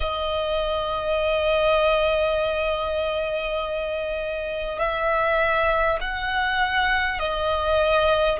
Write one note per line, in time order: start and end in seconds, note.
0.00 4.78 D#5
4.78 5.98 E5
6.01 7.19 F#5
7.19 8.39 D#5